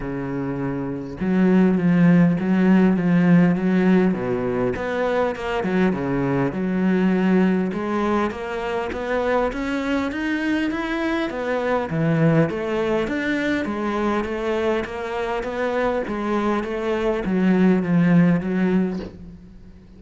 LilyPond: \new Staff \with { instrumentName = "cello" } { \time 4/4 \tempo 4 = 101 cis2 fis4 f4 | fis4 f4 fis4 b,4 | b4 ais8 fis8 cis4 fis4~ | fis4 gis4 ais4 b4 |
cis'4 dis'4 e'4 b4 | e4 a4 d'4 gis4 | a4 ais4 b4 gis4 | a4 fis4 f4 fis4 | }